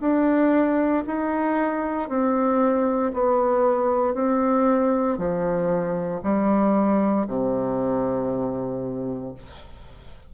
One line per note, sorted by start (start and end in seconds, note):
0.00 1.03 D4
1.06 2.09 D#4
2.09 3.12 C4
3.13 4.14 B3
4.14 5.18 C4
5.18 6.21 F3
6.23 7.26 G3
7.27 9.34 C3